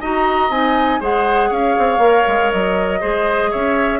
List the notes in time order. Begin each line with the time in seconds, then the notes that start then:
0.00 D#4 F#4 D#5 A#5
0.49 C4 D#4 G#5
1.00 G#3 G#4 C5 F#5
1.49 C#4 C#5 F5
1.78 C4
1.97 A#3 A#4
2.27 G#3
2.52 F#3 D#5
3.00 G#3 G#4 C5
3.51 C#4 C#5 E5